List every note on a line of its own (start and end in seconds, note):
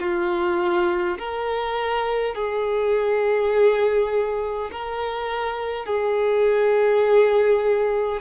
0.00 1.18 F4
1.19 2.35 A#4
2.35 4.70 G#4
4.72 5.86 A#4
5.86 8.21 G#4